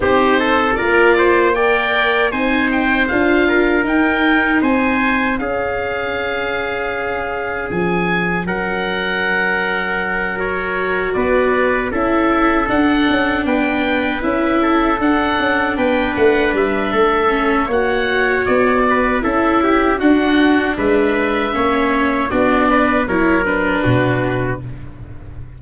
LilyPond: <<
  \new Staff \with { instrumentName = "oboe" } { \time 4/4 \tempo 4 = 78 c''4 d''4 g''4 gis''8 g''8 | f''4 g''4 gis''4 f''4~ | f''2 gis''4 fis''4~ | fis''4. cis''4 d''4 e''8~ |
e''8 fis''4 g''4 e''4 fis''8~ | fis''8 g''8 fis''8 e''4. fis''4 | d''4 e''4 fis''4 e''4~ | e''4 d''4 cis''8 b'4. | }
  \new Staff \with { instrumentName = "trumpet" } { \time 4/4 g'8 a'8 ais'8 c''8 d''4 c''4~ | c''8 ais'4. c''4 gis'4~ | gis'2. ais'4~ | ais'2~ ais'8 b'4 a'8~ |
a'4. b'4. a'4~ | a'8 b'4. a'4 cis''4~ | cis''8 b'8 a'8 g'8 fis'4 b'4 | cis''4 fis'8 b'8 ais'4 fis'4 | }
  \new Staff \with { instrumentName = "viola" } { \time 4/4 dis'4 f'4 ais'4 dis'4 | f'4 dis'2 cis'4~ | cis'1~ | cis'4. fis'2 e'8~ |
e'8 d'2 e'4 d'8~ | d'2~ d'8 cis'8 fis'4~ | fis'4 e'4 d'2 | cis'4 d'4 e'8 d'4. | }
  \new Staff \with { instrumentName = "tuba" } { \time 4/4 c'4 ais2 c'4 | d'4 dis'4 c'4 cis'4~ | cis'2 f4 fis4~ | fis2~ fis8 b4 cis'8~ |
cis'8 d'8 cis'8 b4 cis'4 d'8 | cis'8 b8 a8 g8 a4 ais4 | b4 cis'4 d'4 gis4 | ais4 b4 fis4 b,4 | }
>>